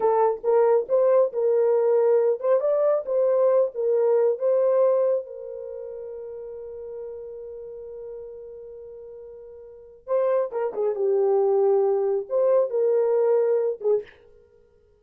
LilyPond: \new Staff \with { instrumentName = "horn" } { \time 4/4 \tempo 4 = 137 a'4 ais'4 c''4 ais'4~ | ais'4. c''8 d''4 c''4~ | c''8 ais'4. c''2 | ais'1~ |
ais'1~ | ais'2. c''4 | ais'8 gis'8 g'2. | c''4 ais'2~ ais'8 gis'8 | }